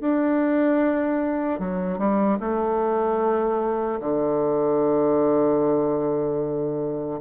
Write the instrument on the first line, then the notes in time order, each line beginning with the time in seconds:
bassoon
0.00 D4
1.59 F#3
1.98 G3
2.40 A3
4.00 D3